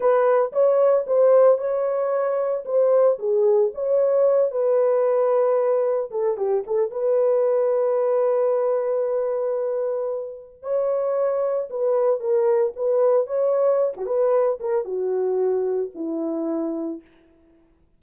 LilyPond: \new Staff \with { instrumentName = "horn" } { \time 4/4 \tempo 4 = 113 b'4 cis''4 c''4 cis''4~ | cis''4 c''4 gis'4 cis''4~ | cis''8 b'2. a'8 | g'8 a'8 b'2.~ |
b'1 | cis''2 b'4 ais'4 | b'4 cis''4~ cis''16 fis'16 b'4 ais'8 | fis'2 e'2 | }